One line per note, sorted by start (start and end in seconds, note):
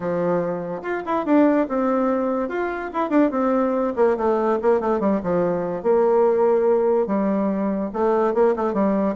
0.00 0.81 F3
0.82 1.03 F4
1.05 1.25 E4
1.25 1.67 D4
1.68 2.48 C4
2.48 2.90 F4
2.93 3.09 E4
3.09 3.30 D4
3.30 3.93 C4
3.96 4.16 A#3
4.17 4.58 A3
4.62 4.80 A#3
4.80 5.00 A3
5.00 5.20 G3
5.23 5.82 F3
5.82 7.06 A#3
7.06 7.90 G3
7.93 8.34 A3
8.34 8.55 A#3
8.56 8.73 A3
8.73 9.15 G3